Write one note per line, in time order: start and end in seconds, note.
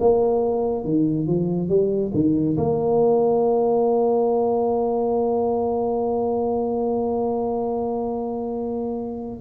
0.00 0.84 A#3
0.84 1.27 D#3
1.27 1.69 F3
1.69 2.12 G3
2.14 2.57 D#3
2.58 9.41 A#3